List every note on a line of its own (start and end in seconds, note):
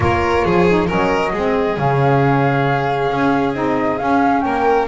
0.00 0.44 A#3
0.00 0.66 F4
0.00 0.44 A#4
0.00 0.89 C#5
0.44 0.89 F3
0.44 0.87 G#4
0.69 0.86 D#4
0.86 1.33 F#3
0.86 1.31 C#4
0.86 1.31 A#4
0.86 1.78 D#5
1.32 1.77 G#3
1.32 1.78 C4
1.32 4.43 G#4
1.77 3.11 C#3
1.77 3.54 C#4
1.77 3.54 F5
3.11 3.55 C#4
3.54 3.99 C4
3.54 3.98 D#4
3.54 3.98 D#5
3.98 4.87 C#4
3.98 4.45 C#4
3.98 4.40 F5
4.40 4.87 A#3
4.40 4.87 A#4
4.40 4.85 G5